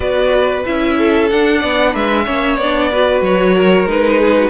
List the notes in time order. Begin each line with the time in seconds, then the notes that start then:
0.00 B3 F#4 B4 D5
0.65 C#4 E4 E5
0.98 A4
1.30 D4 F#5
1.59 B3 D5
1.92 G#3 B4 E5
2.25 A#3 C#4 C#5
2.56 B3 D4 D5
2.91 F#4 B4
3.21 F#3 C#5
3.55 A#4
3.85 G#3 D#4 B4
4.19 G#4
4.38 F#4